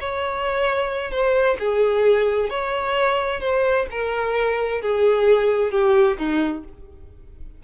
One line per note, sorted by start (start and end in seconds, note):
0.00 1.11 C#5
1.11 1.57 C5
1.59 2.50 G#4
2.50 3.41 C#5
3.41 3.86 C5
3.91 4.82 A#4
4.82 5.72 G#4
5.72 6.17 G4
6.18 6.64 D#4